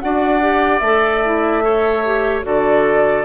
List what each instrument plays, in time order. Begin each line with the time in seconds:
0.00 bassoon D4, clarinet F#4, oboe D5, flute F#5
0.41 clarinet G4
0.79 bassoon A3, clarinet A4, flute E5
1.25 clarinet E4
1.62 clarinet A4, oboe C#5
2.05 clarinet G4
2.43 bassoon D3, clarinet F#4, oboe A4, flute D5